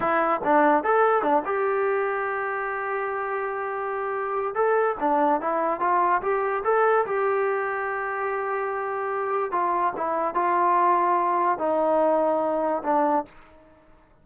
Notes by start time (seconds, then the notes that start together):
0.00 E4
0.43 D4
0.83 A4
1.22 D4
1.45 G4
4.54 A4
5.00 D4
5.40 E4
5.80 F4
6.22 G4
6.64 A4
7.06 G4
9.51 F4
9.96 E4
10.34 F4
11.58 D#4
12.83 D4